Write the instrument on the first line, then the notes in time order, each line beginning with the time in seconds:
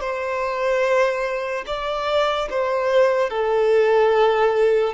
violin
0.00 C5
1.66 D5
2.50 C5
3.30 A4